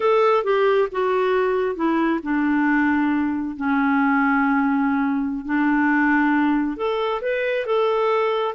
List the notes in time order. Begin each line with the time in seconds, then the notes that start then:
0.00 A4
0.43 G4
0.91 F#4
1.75 E4
2.23 D4
3.56 C#4
5.45 D4
6.76 A4
7.21 B4
7.65 A4